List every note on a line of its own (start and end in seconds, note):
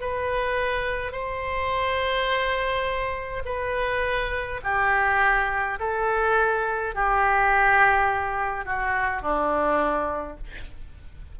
0.00 1.12 B4
1.12 3.42 C5
3.45 4.60 B4
4.63 5.78 G4
5.80 6.94 A4
6.94 8.65 G4
8.65 9.22 F#4
9.22 10.37 D4